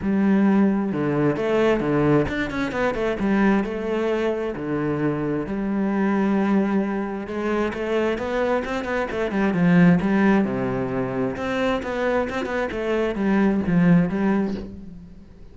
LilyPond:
\new Staff \with { instrumentName = "cello" } { \time 4/4 \tempo 4 = 132 g2 d4 a4 | d4 d'8 cis'8 b8 a8 g4 | a2 d2 | g1 |
gis4 a4 b4 c'8 b8 | a8 g8 f4 g4 c4~ | c4 c'4 b4 c'8 b8 | a4 g4 f4 g4 | }